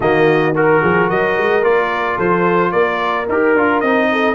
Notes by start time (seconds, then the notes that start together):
0.00 D#3 A#3 F#4 D#5
0.54 F#4 A#4
0.81 F3 G#4
1.07 F#3 A#4 D#5
1.37 G#3
1.62 A#3 F4 D5
2.16 F3 A4 C5
2.71 A#3 A#4 D5
3.28 D#4 G4 A#4
3.54 D4 F4
3.80 C4 D#4 D#5
4.11 A4